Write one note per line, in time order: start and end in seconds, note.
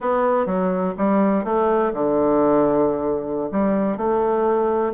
0.00 0.46 B3
0.46 0.94 F#3
0.97 1.44 G3
1.44 1.92 A3
1.93 3.49 D3
3.51 3.97 G3
3.97 4.93 A3